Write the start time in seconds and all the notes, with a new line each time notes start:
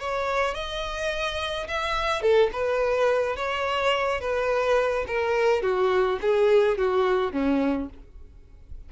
0.00 C#5
0.54 D#5
1.68 E5
2.22 A4
2.53 B4
3.36 C#5
4.21 B4
5.07 A#4
5.62 F#4
6.21 G#4
6.78 F#4
7.33 C#4